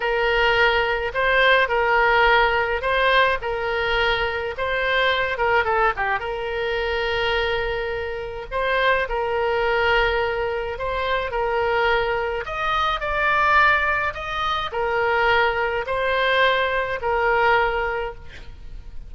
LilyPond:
\new Staff \with { instrumentName = "oboe" } { \time 4/4 \tempo 4 = 106 ais'2 c''4 ais'4~ | ais'4 c''4 ais'2 | c''4. ais'8 a'8 g'8 ais'4~ | ais'2. c''4 |
ais'2. c''4 | ais'2 dis''4 d''4~ | d''4 dis''4 ais'2 | c''2 ais'2 | }